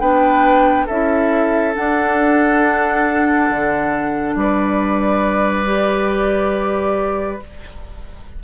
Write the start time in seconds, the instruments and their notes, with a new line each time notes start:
0.00 bassoon B3, clarinet D4, oboe B4, flute G5
0.86 bassoon C#4, clarinet E4, oboe A4, flute E5
1.74 clarinet D4, bassoon D4, flute F#5
3.50 bassoon D3
4.35 bassoon G3, oboe B4, flute D5
5.66 clarinet G4